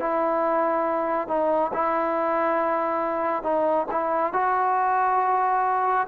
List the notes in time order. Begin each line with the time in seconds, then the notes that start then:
0.00 E4
1.28 D#4
1.74 E4
3.43 D#4
3.91 E4
4.33 F#4